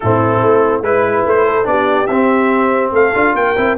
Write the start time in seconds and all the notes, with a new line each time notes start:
0.00 A2 C4 E4 A4
0.41 A3
0.81 G#3 E4 B4
1.25 A3 C5
1.46 A4
1.64 B3 D4 G4 D5
2.06 C4 E5
2.91 A3 A4 F5
3.14 D4 F4
3.34 A#3 A#4 G5
3.56 C4 E4